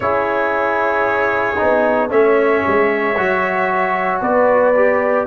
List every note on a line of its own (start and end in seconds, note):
0.00 1.56 C#4
0.00 1.56 E4
0.00 2.10 G#4
0.00 2.09 C#5
1.56 2.10 B3
1.56 2.09 D#4
2.09 2.62 A3
2.09 3.14 C#4
2.09 4.20 C#5
2.09 4.21 E5
2.66 3.17 G#3
3.16 4.21 F#3
3.16 4.74 F#4
4.21 5.26 B3
4.21 5.26 B4
4.21 5.26 D5
4.74 5.26 G4